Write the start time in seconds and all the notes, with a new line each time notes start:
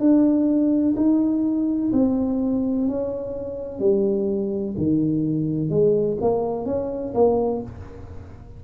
0.00 D4
0.97 D#4
1.93 C4
2.88 C#4
3.80 G3
4.77 D#3
5.70 G#3
6.21 A#3
6.66 C#4
7.14 A#3